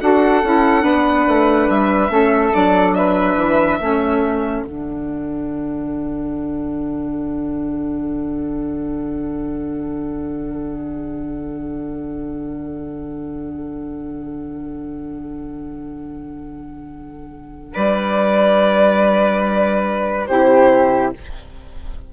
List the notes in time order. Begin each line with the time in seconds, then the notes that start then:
0.00 D4 F#4 A4 F#5
0.43 C#4 E4
0.80 B3 D4 B4
1.27 A3
1.69 G3 E5
2.08 A3 C#4 A4
2.53 F#3 D4 D5
2.95 B4 E5
3.36 E3
3.80 A3 C#4 A4
4.63 D3 D4 F#5
17.73 G3 B4 D5
20.26 C3 E4 G4 C5